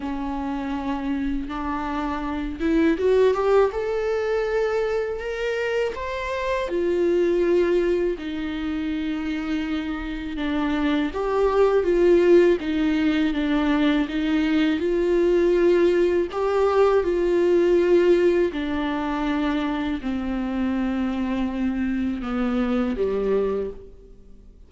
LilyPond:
\new Staff \with { instrumentName = "viola" } { \time 4/4 \tempo 4 = 81 cis'2 d'4. e'8 | fis'8 g'8 a'2 ais'4 | c''4 f'2 dis'4~ | dis'2 d'4 g'4 |
f'4 dis'4 d'4 dis'4 | f'2 g'4 f'4~ | f'4 d'2 c'4~ | c'2 b4 g4 | }